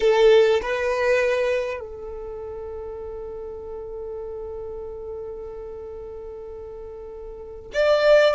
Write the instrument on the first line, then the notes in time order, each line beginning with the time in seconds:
violin
0.00 A4
0.61 B4
1.79 A4
7.73 D5